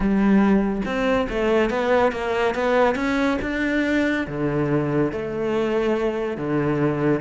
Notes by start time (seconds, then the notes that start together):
0.00 G3
0.85 C4
1.29 A3
1.69 B3
2.12 A#3
2.55 B3
2.95 C#4
3.41 D4
4.27 D3
5.12 A3
6.37 D3